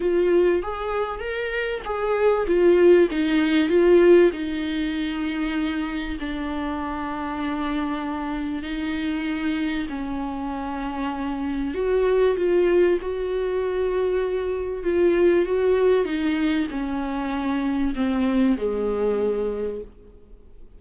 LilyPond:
\new Staff \with { instrumentName = "viola" } { \time 4/4 \tempo 4 = 97 f'4 gis'4 ais'4 gis'4 | f'4 dis'4 f'4 dis'4~ | dis'2 d'2~ | d'2 dis'2 |
cis'2. fis'4 | f'4 fis'2. | f'4 fis'4 dis'4 cis'4~ | cis'4 c'4 gis2 | }